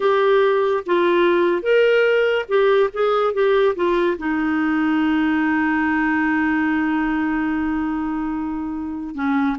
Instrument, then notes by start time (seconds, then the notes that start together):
clarinet
0.00 G4
0.86 F4
1.62 A#4
2.48 G4
2.93 G#4
3.33 G4
3.75 F4
4.18 D#4
9.14 C#4